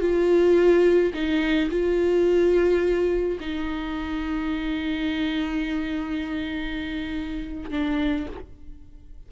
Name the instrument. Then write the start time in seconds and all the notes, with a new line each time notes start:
viola
0.00 F4
1.13 D#4
1.70 F4
3.40 D#4
7.70 D4